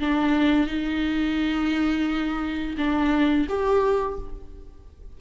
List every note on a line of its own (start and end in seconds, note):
0.00 0.67 D4
0.67 2.76 D#4
2.78 3.48 D4
3.49 4.19 G4